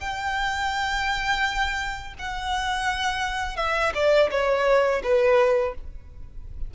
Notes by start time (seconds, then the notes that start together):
0.00 G5
2.19 F#5
3.57 E5
3.94 D5
4.31 C#5
5.03 B4